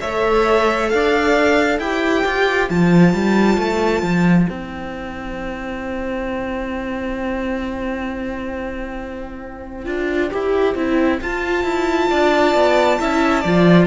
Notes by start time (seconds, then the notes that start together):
0.00 A3 A4 C#5 E5
0.89 D4 D5 F5
1.79 E4 G4 C5 G5
2.25 F4
2.69 F3 F4 A5
3.14 G3
3.57 A3
4.02 F3
4.48 C4 E4 G5
9.85 D4 F4
10.30 E4 G4
10.75 C4 E4
11.21 F4 A5
11.63 E4
12.10 D4 D5
12.54 B3
12.99 C#4 E4 E5
13.41 F3 F4 D5